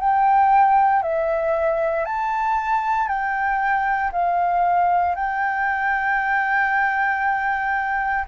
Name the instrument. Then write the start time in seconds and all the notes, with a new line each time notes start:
flute
0.00 G5
1.03 E5
2.05 A5
3.08 G5
4.12 F5
5.15 G5